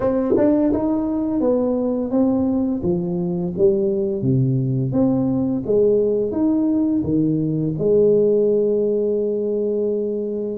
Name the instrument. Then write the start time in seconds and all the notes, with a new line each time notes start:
tuba
0.00 C4
0.37 D4
0.72 D#4
1.40 B3
2.10 C4
2.82 F3
3.57 G3
4.22 C3
4.92 C4
5.66 G#3
6.31 D#4
7.03 D#3
7.78 G#3